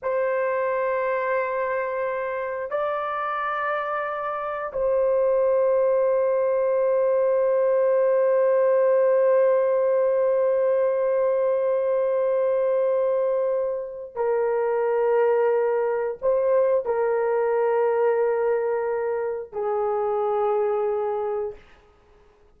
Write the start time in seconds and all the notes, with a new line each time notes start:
0.02 C5
2.70 D5
4.72 C5
14.15 A#4
16.21 C5
16.85 A#4
19.52 G#4